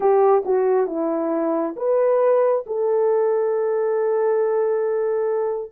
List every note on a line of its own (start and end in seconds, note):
0.00 0.43 G4
0.45 0.86 F#4
0.86 1.74 E4
1.76 2.64 B4
2.66 5.72 A4